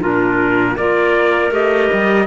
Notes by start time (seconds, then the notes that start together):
0.00 A#2 D4 F4 A#4
0.75 A#3 F4 A#4 D5
1.51 A3 G4 D#5
1.93 G3